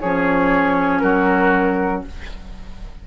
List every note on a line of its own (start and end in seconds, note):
0.00 1.03 F3
0.00 2.07 C#4
0.00 1.03 G#4
0.00 1.00 C#5
1.00 2.04 F#3
1.00 2.05 F#4
1.00 2.01 A#4